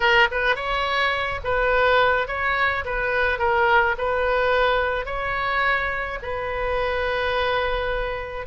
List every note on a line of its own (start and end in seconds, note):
0.00 0.28 A#4
0.31 0.55 B4
0.55 1.40 C#5
1.44 2.27 B4
2.27 2.84 C#5
2.84 3.39 B4
3.39 3.95 A#4
3.98 5.05 B4
5.05 6.18 C#5
6.22 8.46 B4